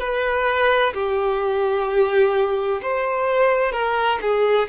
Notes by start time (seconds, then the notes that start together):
0.00 B4
0.94 G4
2.83 C5
3.72 A#4
4.22 G#4